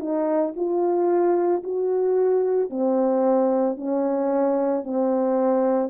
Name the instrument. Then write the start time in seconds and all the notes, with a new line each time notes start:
horn
0.00 D#4
0.56 F4
1.63 F#4
2.69 C4
3.76 C#4
4.84 C4